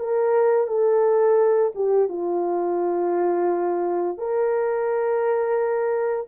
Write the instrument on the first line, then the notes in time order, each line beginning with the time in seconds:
horn
0.00 A#4
0.68 A4
1.76 G4
2.09 F4
4.18 A#4